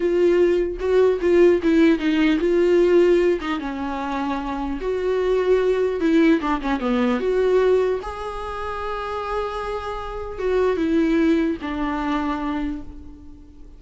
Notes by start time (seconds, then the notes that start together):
0.00 F4
0.79 F#4
1.21 F4
1.62 E4
1.98 D#4
2.39 F4
3.40 D#4
3.59 C#4
4.80 F#4
6.00 E4
6.40 D4
6.61 C#4
6.80 B3
7.19 F#4
8.02 G#4
10.39 F#4
10.77 E4
11.61 D4